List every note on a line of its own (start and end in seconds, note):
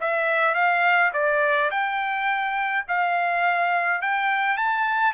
0.00 0.54 E5
0.54 1.11 F5
1.13 1.70 D5
1.71 2.85 G5
2.88 4.02 F5
4.02 4.57 G5
4.57 5.13 A5